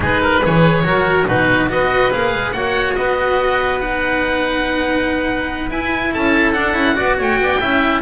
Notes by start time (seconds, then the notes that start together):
0.00 G#3 D#4 G#4 B4
0.21 A#4
0.40 E3 G#4 B4 C#5
0.83 F#3 F#4 A#4
1.27 B2 D#4 F#4 B4
1.69 B3 F#4 B4 D#5
2.11 A#3 G#4 F5
2.34 G#3
2.52 A#3 F#4 C#5 F#5
2.95 B3 B4 D#5
3.79 D#4 F#5
5.70 E4 G#5
6.12 C#4 A4 A5
6.52 D4 F#5
6.73 C#4 E4
6.94 B3 F#4 D5
7.17 A3 C#5 G5
7.39 B3 D5
7.60 C#4 E4 E5